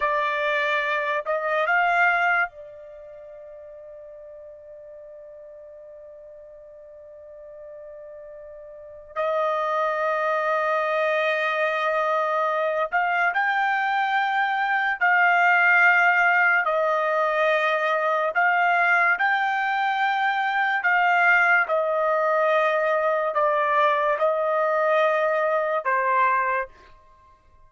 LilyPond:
\new Staff \with { instrumentName = "trumpet" } { \time 4/4 \tempo 4 = 72 d''4. dis''8 f''4 d''4~ | d''1~ | d''2. dis''4~ | dis''2.~ dis''8 f''8 |
g''2 f''2 | dis''2 f''4 g''4~ | g''4 f''4 dis''2 | d''4 dis''2 c''4 | }